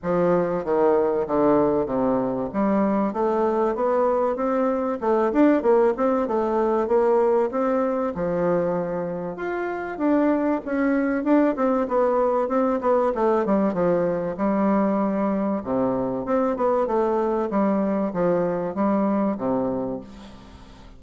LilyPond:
\new Staff \with { instrumentName = "bassoon" } { \time 4/4 \tempo 4 = 96 f4 dis4 d4 c4 | g4 a4 b4 c'4 | a8 d'8 ais8 c'8 a4 ais4 | c'4 f2 f'4 |
d'4 cis'4 d'8 c'8 b4 | c'8 b8 a8 g8 f4 g4~ | g4 c4 c'8 b8 a4 | g4 f4 g4 c4 | }